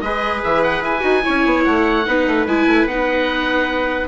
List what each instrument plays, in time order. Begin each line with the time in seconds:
0.00 bassoon G#3, viola G#4, trumpet B4, oboe D#5
0.43 bassoon E3, oboe E5
0.63 oboe F#5
0.81 bassoon E4, oboe G#5
1.01 bassoon D#4, viola F#4
1.23 bassoon C#4, viola E4, trumpet C#5
1.45 bassoon B3
1.64 bassoon A3, oboe F#5
2.05 bassoon B3, viola D#4, trumpet B4
2.27 bassoon A3
2.46 bassoon G#3, viola E4, oboe G#5
2.66 bassoon A3
2.85 bassoon B3, viola D#4, oboe F#5